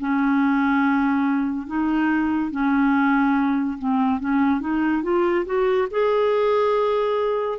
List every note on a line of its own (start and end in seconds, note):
0.00 1.67 C#4
1.67 2.51 D#4
2.51 3.78 C#4
3.79 4.20 C4
4.20 4.61 C#4
4.61 5.03 D#4
5.03 5.45 F4
5.46 5.88 F#4
5.91 7.59 G#4